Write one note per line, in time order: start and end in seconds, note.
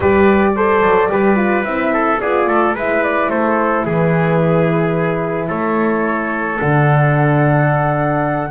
0.00 0.81 G3
0.00 0.56 G4
0.00 0.52 B4
0.00 1.64 D5
0.56 1.10 A4
0.56 1.11 C5
0.82 1.09 F#3
1.10 1.64 G3
1.10 1.36 G4
1.10 1.93 B4
1.36 1.63 F4
1.64 2.19 C4
1.64 2.19 E4
1.64 2.19 E5
1.93 2.20 A4
2.20 2.47 B3
2.20 2.76 F4
2.20 2.48 G#4
2.20 2.75 D5
2.47 2.74 A3
2.47 2.75 A4
2.74 3.29 G#3
2.74 6.60 E4
2.74 3.30 B4
2.74 3.03 E5
3.03 3.29 D5
3.29 3.85 A3
3.29 3.85 A4
3.29 3.84 C5
3.85 5.49 E3
3.85 5.48 G#4
3.85 5.49 B4
5.48 6.59 A3
5.48 8.50 A4
5.48 6.59 C#5
6.59 8.51 D3
6.59 8.51 D4
6.59 8.51 F#5